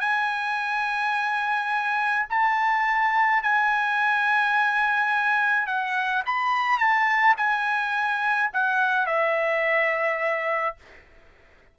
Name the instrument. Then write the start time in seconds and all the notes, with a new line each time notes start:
trumpet
0.00 G#5
2.30 A5
3.43 G#5
5.67 F#5
6.26 B5
6.78 A5
7.37 G#5
8.53 F#5
9.07 E5